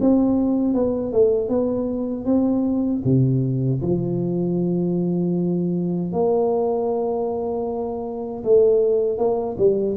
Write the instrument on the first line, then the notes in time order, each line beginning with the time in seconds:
tuba
0.00 C4
0.73 B3
1.12 A3
1.49 B3
2.25 C4
3.04 C3
3.81 F3
6.12 A#3
8.43 A3
9.17 A#3
9.57 G3